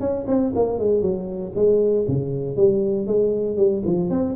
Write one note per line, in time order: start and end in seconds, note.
0.00 0.25 C#4
0.27 0.53 C4
0.55 0.79 A#3
0.79 1.02 G#3
1.02 1.53 F#3
1.55 2.06 G#3
2.08 2.57 C#3
2.57 3.07 G3
3.07 3.57 G#3
3.57 3.83 G3
3.85 4.10 F3
4.10 4.35 C4